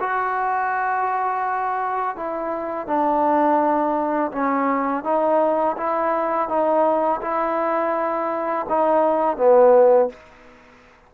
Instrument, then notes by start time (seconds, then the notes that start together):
trombone
0.00 F#4
2.16 E4
2.87 D4
4.32 C#4
5.04 D#4
5.77 E4
6.49 D#4
7.22 E4
8.69 D#4
9.37 B3